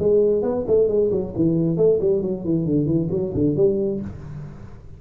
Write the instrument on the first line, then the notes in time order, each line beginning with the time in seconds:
tuba
0.00 G#3
0.43 B3
0.68 A3
0.89 G#3
1.12 F#3
1.36 E3
1.77 A3
2.01 G3
2.22 F#3
2.45 E3
2.66 D3
2.86 E3
3.11 F#3
3.35 D3
3.57 G3